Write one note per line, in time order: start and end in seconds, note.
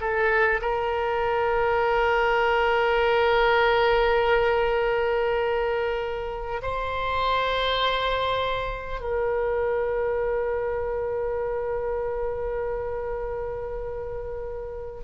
0.00 0.60 A4
0.61 6.61 A#4
6.62 9.00 C5
9.00 15.00 A#4